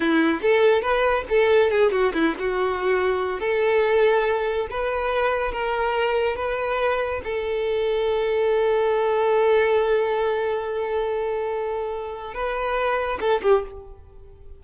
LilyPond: \new Staff \with { instrumentName = "violin" } { \time 4/4 \tempo 4 = 141 e'4 a'4 b'4 a'4 | gis'8 fis'8 e'8 fis'2~ fis'8 | a'2. b'4~ | b'4 ais'2 b'4~ |
b'4 a'2.~ | a'1~ | a'1~ | a'4 b'2 a'8 g'8 | }